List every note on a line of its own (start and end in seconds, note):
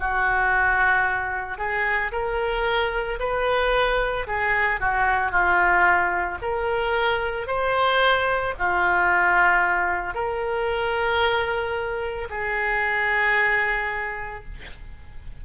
0.00 1.58 F#4
1.58 2.12 G#4
2.12 3.19 A#4
3.20 4.27 B4
4.28 4.81 G#4
4.81 5.32 F#4
5.32 6.39 F4
6.42 7.48 A#4
7.48 8.55 C5
8.59 10.14 F4
10.14 12.29 A#4
12.30 14.44 G#4